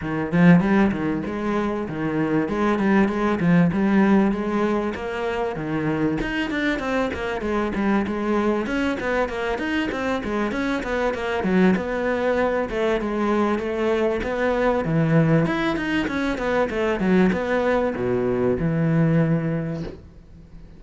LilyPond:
\new Staff \with { instrumentName = "cello" } { \time 4/4 \tempo 4 = 97 dis8 f8 g8 dis8 gis4 dis4 | gis8 g8 gis8 f8 g4 gis4 | ais4 dis4 dis'8 d'8 c'8 ais8 | gis8 g8 gis4 cis'8 b8 ais8 dis'8 |
c'8 gis8 cis'8 b8 ais8 fis8 b4~ | b8 a8 gis4 a4 b4 | e4 e'8 dis'8 cis'8 b8 a8 fis8 | b4 b,4 e2 | }